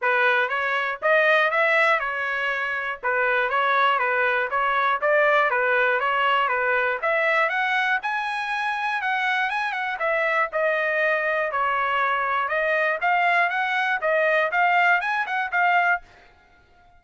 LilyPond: \new Staff \with { instrumentName = "trumpet" } { \time 4/4 \tempo 4 = 120 b'4 cis''4 dis''4 e''4 | cis''2 b'4 cis''4 | b'4 cis''4 d''4 b'4 | cis''4 b'4 e''4 fis''4 |
gis''2 fis''4 gis''8 fis''8 | e''4 dis''2 cis''4~ | cis''4 dis''4 f''4 fis''4 | dis''4 f''4 gis''8 fis''8 f''4 | }